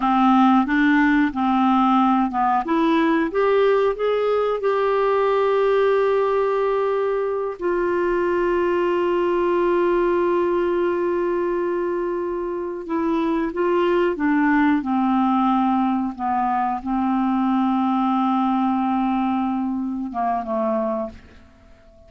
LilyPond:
\new Staff \with { instrumentName = "clarinet" } { \time 4/4 \tempo 4 = 91 c'4 d'4 c'4. b8 | e'4 g'4 gis'4 g'4~ | g'2.~ g'8 f'8~ | f'1~ |
f'2.~ f'8 e'8~ | e'8 f'4 d'4 c'4.~ | c'8 b4 c'2~ c'8~ | c'2~ c'8 ais8 a4 | }